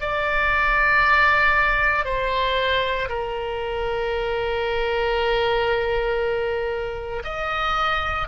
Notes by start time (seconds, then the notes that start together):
0.00 D5
2.05 C5
3.08 A#4
7.24 D#5